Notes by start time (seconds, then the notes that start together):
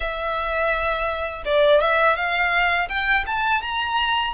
0.00 E5
1.45 D5
1.80 E5
2.16 F5
2.88 G5
3.26 A5
3.61 A#5